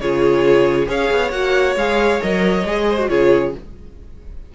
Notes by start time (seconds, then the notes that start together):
0.00 C#3 F4 G#4 C#5
0.86 C#4 G#4 C#5 F5
1.11 B3
1.31 A#3 F#4 F#5
1.76 G#3 G#4 F5
2.21 F#3 A#4 D#5
2.64 G#3 G#4
2.89 C5
2.99 F#4
3.09 C#3 F4 G#4 C#5